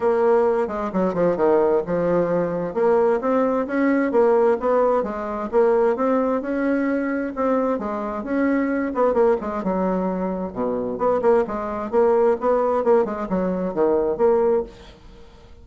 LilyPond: \new Staff \with { instrumentName = "bassoon" } { \time 4/4 \tempo 4 = 131 ais4. gis8 fis8 f8 dis4 | f2 ais4 c'4 | cis'4 ais4 b4 gis4 | ais4 c'4 cis'2 |
c'4 gis4 cis'4. b8 | ais8 gis8 fis2 b,4 | b8 ais8 gis4 ais4 b4 | ais8 gis8 fis4 dis4 ais4 | }